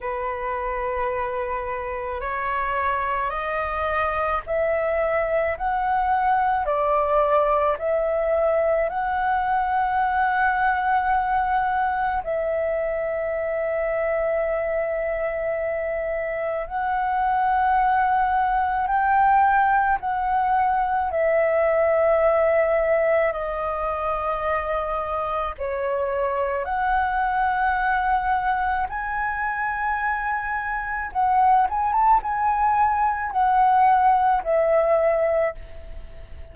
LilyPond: \new Staff \with { instrumentName = "flute" } { \time 4/4 \tempo 4 = 54 b'2 cis''4 dis''4 | e''4 fis''4 d''4 e''4 | fis''2. e''4~ | e''2. fis''4~ |
fis''4 g''4 fis''4 e''4~ | e''4 dis''2 cis''4 | fis''2 gis''2 | fis''8 gis''16 a''16 gis''4 fis''4 e''4 | }